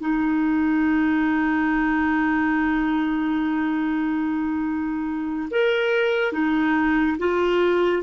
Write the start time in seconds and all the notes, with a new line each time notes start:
0.00 D#4
5.51 A#4
6.33 D#4
7.18 F4